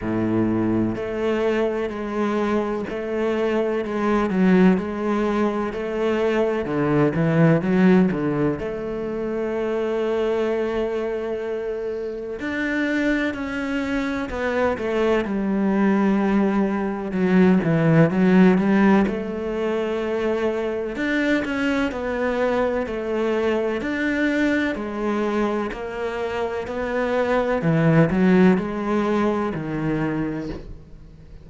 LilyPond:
\new Staff \with { instrumentName = "cello" } { \time 4/4 \tempo 4 = 63 a,4 a4 gis4 a4 | gis8 fis8 gis4 a4 d8 e8 | fis8 d8 a2.~ | a4 d'4 cis'4 b8 a8 |
g2 fis8 e8 fis8 g8 | a2 d'8 cis'8 b4 | a4 d'4 gis4 ais4 | b4 e8 fis8 gis4 dis4 | }